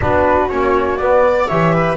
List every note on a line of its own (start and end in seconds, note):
0.00 0.51 B3
0.00 0.49 D4
0.00 1.26 F#4
0.00 0.48 B4
0.48 0.99 A#3
0.48 0.99 C#4
0.48 0.96 C#5
0.96 1.48 B3
0.96 1.50 B3
0.96 1.46 D5
1.27 1.48 D5
1.47 1.97 E3
1.47 1.97 G4
1.47 1.73 C#5
1.47 1.96 E5
1.73 1.97 B4